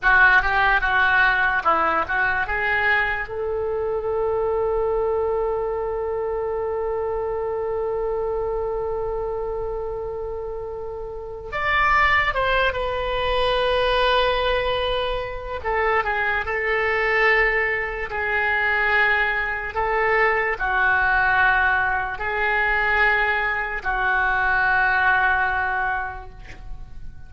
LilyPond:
\new Staff \with { instrumentName = "oboe" } { \time 4/4 \tempo 4 = 73 fis'8 g'8 fis'4 e'8 fis'8 gis'4 | a'1~ | a'1~ | a'2 d''4 c''8 b'8~ |
b'2. a'8 gis'8 | a'2 gis'2 | a'4 fis'2 gis'4~ | gis'4 fis'2. | }